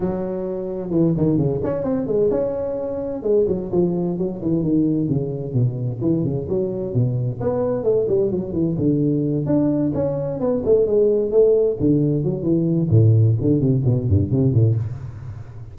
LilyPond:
\new Staff \with { instrumentName = "tuba" } { \time 4/4 \tempo 4 = 130 fis2 e8 dis8 cis8 cis'8 | c'8 gis8 cis'2 gis8 fis8 | f4 fis8 e8 dis4 cis4 | b,4 e8 cis8 fis4 b,4 |
b4 a8 g8 fis8 e8 d4~ | d8 d'4 cis'4 b8 a8 gis8~ | gis8 a4 d4 fis8 e4 | a,4 d8 c8 b,8 g,8 c8 a,8 | }